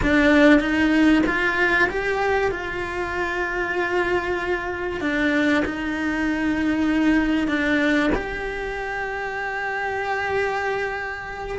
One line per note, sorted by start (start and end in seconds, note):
0.02 0.60 D4
0.60 1.22 D#4
1.26 1.89 F4
1.89 2.51 G4
2.51 5.01 F4
5.01 5.63 D4
5.65 7.47 D#4
7.47 8.10 D4
8.14 11.58 G4